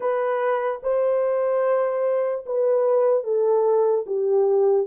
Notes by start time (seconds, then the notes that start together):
0.00 B4
0.82 C5
2.46 B4
3.23 A4
4.06 G4